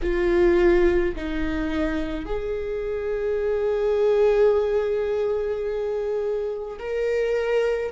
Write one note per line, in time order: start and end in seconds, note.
0.02 1.15 F4
1.15 2.25 D#4
2.25 6.78 G#4
6.79 7.92 A#4